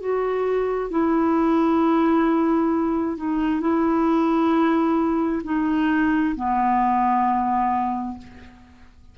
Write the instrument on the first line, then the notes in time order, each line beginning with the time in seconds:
clarinet
0.00 F#4
0.90 E4
3.17 D#4
3.60 E4
5.43 D#4
6.36 B3